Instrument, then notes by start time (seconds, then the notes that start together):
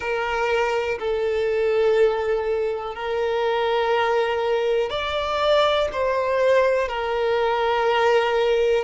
violin
0.00 A#4
0.99 A4
2.95 A#4
4.90 D5
5.92 C5
6.88 A#4